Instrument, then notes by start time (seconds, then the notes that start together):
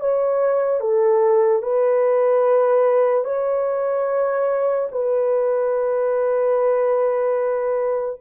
horn
0.00 C#5
0.81 A4
1.63 B4
3.24 C#5
4.92 B4